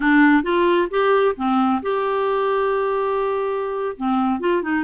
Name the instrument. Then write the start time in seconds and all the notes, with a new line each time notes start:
clarinet
0.00 D4
0.43 F4
0.90 G4
1.36 C4
1.82 G4
3.96 C4
4.40 F4
4.62 D#4